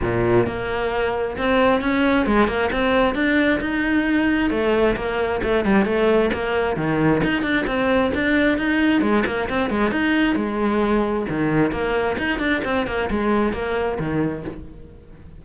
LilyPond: \new Staff \with { instrumentName = "cello" } { \time 4/4 \tempo 4 = 133 ais,4 ais2 c'4 | cis'4 gis8 ais8 c'4 d'4 | dis'2 a4 ais4 | a8 g8 a4 ais4 dis4 |
dis'8 d'8 c'4 d'4 dis'4 | gis8 ais8 c'8 gis8 dis'4 gis4~ | gis4 dis4 ais4 dis'8 d'8 | c'8 ais8 gis4 ais4 dis4 | }